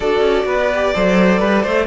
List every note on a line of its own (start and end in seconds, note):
0.00 0.20 D4
0.00 0.71 F#4
0.00 0.45 A4
0.00 1.86 D5
0.20 0.44 C#4
0.45 0.92 B3
0.45 0.94 B4
0.73 0.94 G4
0.94 1.40 F#3
0.94 1.86 A4
0.94 1.39 C5
1.39 1.63 G3
1.39 1.62 B4
1.62 1.86 A3
1.62 1.86 C5